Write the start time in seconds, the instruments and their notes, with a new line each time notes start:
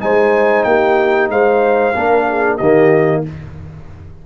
0.00 tuba G#3, trombone D#4, horn C5, trumpet G#5
0.64 tuba A#3, horn G4, trumpet G5
1.29 tuba G#3, horn C5, trumpet F5
1.95 tuba A#3, trombone D4, horn A#4
2.29 horn G#4
2.57 tuba D#3, trombone A#3, horn G4, trumpet D#5